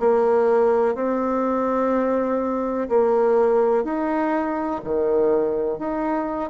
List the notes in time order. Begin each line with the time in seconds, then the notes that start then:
0.00 A#3
0.95 C4
2.89 A#3
3.84 D#4
4.85 D#3
5.79 D#4